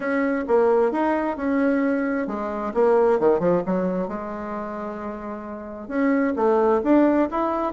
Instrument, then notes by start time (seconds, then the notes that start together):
bassoon
0.00 C#4
0.47 A#3
0.91 D#4
1.36 C#4
2.27 G#3
2.74 A#3
3.19 D#3
3.39 F3
3.66 F#3
4.08 G#3
5.88 C#4
6.36 A3
6.83 D4
7.30 E4